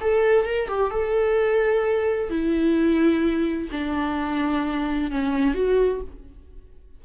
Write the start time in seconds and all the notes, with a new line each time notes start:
0.00 A4
0.45 A#4
0.68 G4
0.90 A4
2.29 E4
3.71 D4
5.11 C#4
5.54 F#4